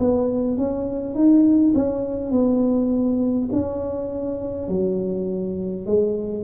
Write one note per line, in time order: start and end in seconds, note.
0.00 0.57 B3
0.57 1.14 C#4
1.14 1.73 D#4
1.75 2.32 C#4
2.32 3.49 B3
3.52 4.68 C#4
4.68 5.86 F#3
5.86 6.44 G#3